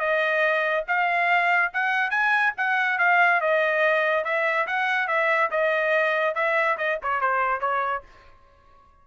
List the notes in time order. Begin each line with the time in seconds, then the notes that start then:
0.00 D#5
0.88 F5
1.73 F#5
2.11 G#5
2.58 F#5
2.99 F5
3.41 D#5
4.24 E5
4.67 F#5
5.08 E5
5.51 D#5
6.35 E5
6.78 D#5
7.02 C#5
7.21 C5
7.61 C#5